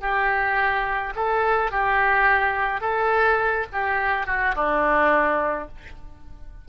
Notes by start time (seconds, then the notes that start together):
0.00 G4
1.15 A4
1.71 G4
2.80 A4
3.72 G4
4.26 F#4
4.55 D4